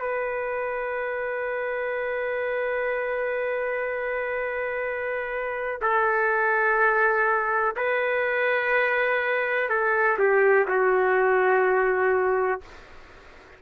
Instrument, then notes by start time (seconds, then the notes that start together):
trumpet
0.00 B4
5.82 A4
7.77 B4
9.70 A4
10.19 G4
10.68 F#4